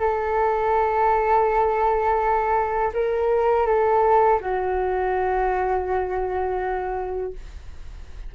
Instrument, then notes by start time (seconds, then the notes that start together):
flute
0.00 A4
2.94 A#4
3.67 A4
4.41 F#4